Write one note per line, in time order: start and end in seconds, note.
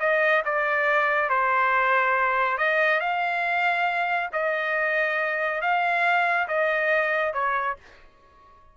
0.00 0.43 D#5
0.45 1.29 D5
1.29 2.58 C5
2.58 3.00 D#5
3.00 4.30 F5
4.33 5.61 D#5
5.61 6.48 F5
6.48 7.33 D#5
7.33 7.77 C#5